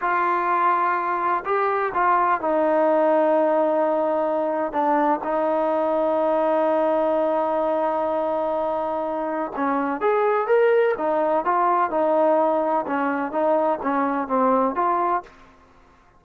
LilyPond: \new Staff \with { instrumentName = "trombone" } { \time 4/4 \tempo 4 = 126 f'2. g'4 | f'4 dis'2.~ | dis'2 d'4 dis'4~ | dis'1~ |
dis'1 | cis'4 gis'4 ais'4 dis'4 | f'4 dis'2 cis'4 | dis'4 cis'4 c'4 f'4 | }